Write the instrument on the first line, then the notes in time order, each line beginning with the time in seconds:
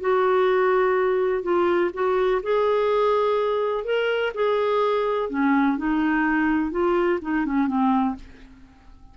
clarinet
0.00 F#4
1.42 F4
1.93 F#4
2.42 G#4
3.84 A#4
4.34 G#4
5.29 C#4
5.77 D#4
6.71 F4
7.21 D#4
7.45 C#4
7.67 C4